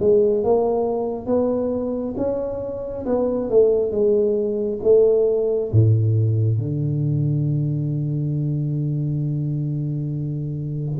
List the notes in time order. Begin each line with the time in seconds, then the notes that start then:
0.00 G#3
0.44 A#3
1.26 B3
2.17 C#4
3.06 B3
3.50 A3
3.91 G#3
4.83 A3
5.72 A2
6.59 D3